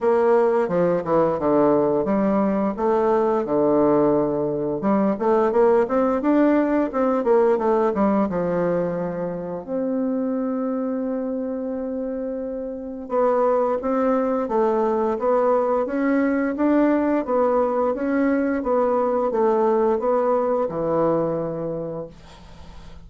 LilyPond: \new Staff \with { instrumentName = "bassoon" } { \time 4/4 \tempo 4 = 87 ais4 f8 e8 d4 g4 | a4 d2 g8 a8 | ais8 c'8 d'4 c'8 ais8 a8 g8 | f2 c'2~ |
c'2. b4 | c'4 a4 b4 cis'4 | d'4 b4 cis'4 b4 | a4 b4 e2 | }